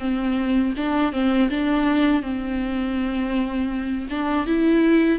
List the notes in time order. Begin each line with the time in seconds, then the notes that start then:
0.00 C4
0.77 D4
1.13 C4
1.50 D4
2.23 C4
4.10 D4
4.47 E4